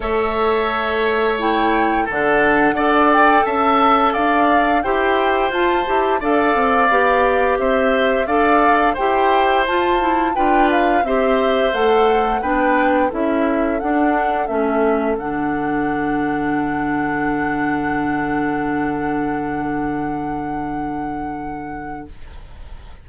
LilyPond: <<
  \new Staff \with { instrumentName = "flute" } { \time 4/4 \tempo 4 = 87 e''2 g''4 fis''4~ | fis''8 g''8 a''4 f''4 g''4 | a''4 f''2 e''4 | f''4 g''4 a''4 g''8 f''8 |
e''4 fis''4 g''4 e''4 | fis''4 e''4 fis''2~ | fis''1~ | fis''1 | }
  \new Staff \with { instrumentName = "oboe" } { \time 4/4 cis''2. a'4 | d''4 e''4 d''4 c''4~ | c''4 d''2 c''4 | d''4 c''2 b'4 |
c''2 b'4 a'4~ | a'1~ | a'1~ | a'1 | }
  \new Staff \with { instrumentName = "clarinet" } { \time 4/4 a'2 e'4 d'4 | a'2. g'4 | f'8 g'8 a'4 g'2 | a'4 g'4 f'8 e'8 f'4 |
g'4 a'4 d'4 e'4 | d'4 cis'4 d'2~ | d'1~ | d'1 | }
  \new Staff \with { instrumentName = "bassoon" } { \time 4/4 a2. d4 | d'4 cis'4 d'4 e'4 | f'8 e'8 d'8 c'8 b4 c'4 | d'4 e'4 f'4 d'4 |
c'4 a4 b4 cis'4 | d'4 a4 d2~ | d1~ | d1 | }
>>